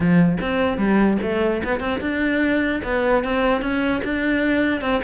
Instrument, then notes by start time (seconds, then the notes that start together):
cello
0.00 F3
0.40 C4
0.77 G3
1.22 A3
1.64 B3
1.80 C4
2.00 D4
2.83 B3
3.24 C4
3.61 C#4
4.03 D4
4.81 C4